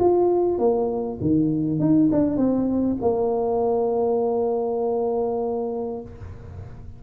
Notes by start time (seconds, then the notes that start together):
0.00 F4
0.59 A#3
1.21 D#3
1.80 D#4
2.12 D4
2.37 C4
3.02 A#3